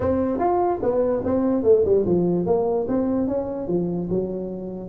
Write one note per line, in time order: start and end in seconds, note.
0.00 0.38 C4
0.38 0.79 F4
0.82 1.23 B3
1.24 1.63 C4
1.63 1.83 A3
1.84 2.05 G3
2.05 2.45 F3
2.45 2.86 A#3
2.88 3.27 C4
3.27 3.67 C#4
3.67 4.08 F3
4.09 4.89 F#3